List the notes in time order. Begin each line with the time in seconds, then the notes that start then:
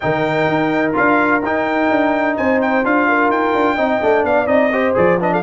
0.00 D#3 D#4 A#4 G5
0.48 D#4
0.93 D4 F4 F5
1.42 D#4 G5
1.90 D4
2.36 C4 C5 G#5
2.61 G5
2.84 D4 F4 F5
3.08 A#4
3.29 D#4 G5
3.54 D4
3.75 C4 D#4 D#5
4.01 A3 D4
4.23 B3 D5 F5
4.46 C4 D#4 D#5
4.72 G4 C5
4.94 F3 G#4 D5
5.19 D4 B4 D#5
5.31 A4 F5